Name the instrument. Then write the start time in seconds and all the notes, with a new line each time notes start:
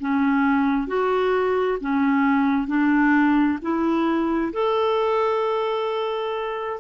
clarinet
0.00 C#4
0.88 F#4
1.81 C#4
2.67 D4
3.62 E4
4.53 A4